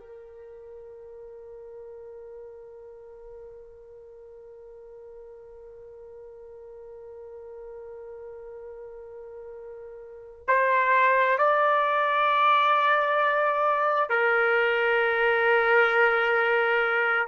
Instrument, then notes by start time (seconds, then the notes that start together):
trumpet
0.00 A#4
10.48 C5
11.38 D5
14.10 A#4